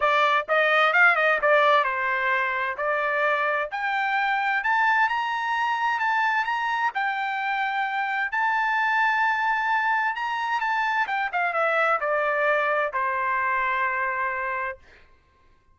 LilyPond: \new Staff \with { instrumentName = "trumpet" } { \time 4/4 \tempo 4 = 130 d''4 dis''4 f''8 dis''8 d''4 | c''2 d''2 | g''2 a''4 ais''4~ | ais''4 a''4 ais''4 g''4~ |
g''2 a''2~ | a''2 ais''4 a''4 | g''8 f''8 e''4 d''2 | c''1 | }